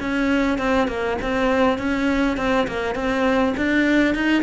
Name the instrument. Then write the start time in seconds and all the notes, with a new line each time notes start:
cello
0.00 C#4
0.58 C4
0.87 A#3
1.21 C4
1.78 C#4
2.37 C4
2.67 A#3
2.95 C4
3.57 D4
4.14 D#4